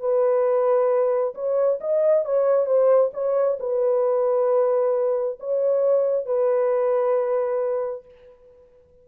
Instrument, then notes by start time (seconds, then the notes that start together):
horn
0.00 B4
1.35 C#5
1.81 D#5
2.26 C#5
2.67 C5
3.14 C#5
3.60 B4
5.40 C#5
6.26 B4